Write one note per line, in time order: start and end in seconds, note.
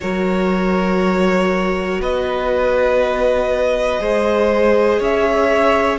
0.00 1.99 F#3
0.00 3.99 F#4
0.00 2.01 A#4
0.00 2.00 C#5
1.99 3.99 B3
1.99 4.00 B4
1.99 5.02 D#5
3.99 5.00 G#3
3.99 5.98 G#4
3.99 4.99 C5
4.99 5.98 C#4
4.99 5.98 C#5
4.99 5.98 E5